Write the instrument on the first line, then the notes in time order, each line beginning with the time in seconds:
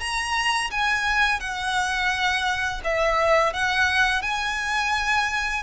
violin
0.00 A#5
0.71 G#5
1.40 F#5
2.84 E5
3.53 F#5
4.22 G#5